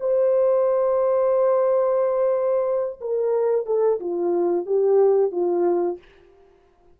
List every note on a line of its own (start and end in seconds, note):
0.00 3.00 C5
3.01 3.66 A#4
3.66 3.99 A4
4.00 4.66 F4
4.66 5.32 G4
5.32 5.98 F4